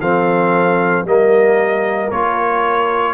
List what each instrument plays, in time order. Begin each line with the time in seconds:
0.00 tuba F3, trombone C4, horn A4, trumpet F5
1.04 tuba G3, trombone A#3, horn A#4, trumpet D#5
2.11 tuba A#3, trombone F4, trumpet C#5